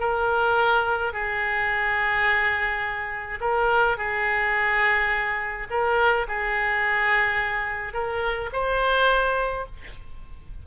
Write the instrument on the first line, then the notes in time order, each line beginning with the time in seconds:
oboe
0.00 A#4
1.13 G#4
3.41 A#4
3.98 G#4
5.70 A#4
6.28 G#4
7.94 A#4
8.53 C5